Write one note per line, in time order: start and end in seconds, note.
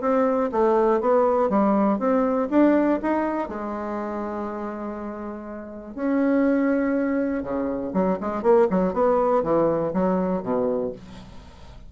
0.00 0.50 C4
0.52 1.00 A3
1.00 1.49 B3
1.49 1.99 G3
1.99 2.48 C4
2.50 2.99 D4
3.02 3.48 D#4
3.48 5.95 G#3
5.95 7.43 C#4
7.43 7.92 C#3
7.93 8.18 F#3
8.20 8.42 G#3
8.42 8.67 A#3
8.70 8.93 F#3
8.93 9.43 B3
9.43 9.92 E3
9.93 10.42 F#3
10.42 10.92 B2